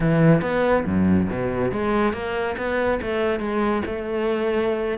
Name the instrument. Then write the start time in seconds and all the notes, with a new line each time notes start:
cello
0.00 E3
0.41 B3
0.85 F#2
1.29 B2
1.71 G#3
2.13 A#3
2.57 B3
3.01 A3
3.39 G#3
3.85 A3